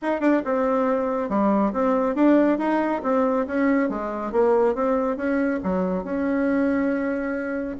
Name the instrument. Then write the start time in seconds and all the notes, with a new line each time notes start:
bassoon
0.02 D#4
0.20 D4
0.44 C4
1.29 G3
1.73 C4
2.15 D4
2.58 D#4
3.03 C4
3.46 C#4
3.89 G#3
4.32 A#3
4.75 C4
5.16 C#4
5.63 F#3
6.03 C#4